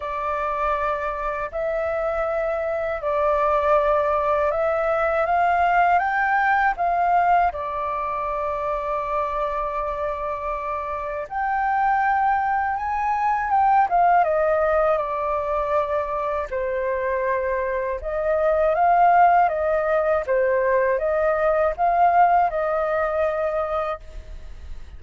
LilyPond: \new Staff \with { instrumentName = "flute" } { \time 4/4 \tempo 4 = 80 d''2 e''2 | d''2 e''4 f''4 | g''4 f''4 d''2~ | d''2. g''4~ |
g''4 gis''4 g''8 f''8 dis''4 | d''2 c''2 | dis''4 f''4 dis''4 c''4 | dis''4 f''4 dis''2 | }